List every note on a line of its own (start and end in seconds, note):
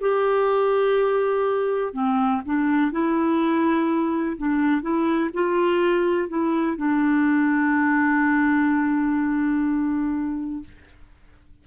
0.00 1.93 G4
1.93 2.41 C4
2.45 2.91 D4
2.91 4.36 E4
4.37 4.82 D4
4.82 5.30 E4
5.34 6.28 F4
6.28 6.77 E4
6.77 10.64 D4